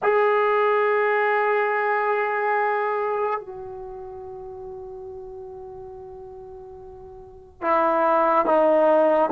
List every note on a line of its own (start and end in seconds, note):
0.02 3.40 G#4
3.40 7.61 F#4
7.61 8.45 E4
8.45 9.30 D#4